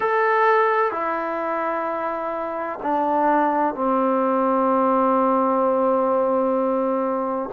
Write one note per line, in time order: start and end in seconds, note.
0.00 0.91 A4
0.91 2.79 E4
2.82 3.74 D4
3.74 7.49 C4